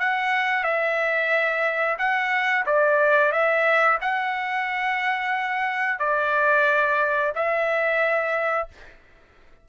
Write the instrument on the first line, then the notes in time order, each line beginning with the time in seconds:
trumpet
0.00 F#5
0.64 E5
1.98 F#5
2.66 D5
3.32 E5
4.02 F#5
6.00 D5
7.35 E5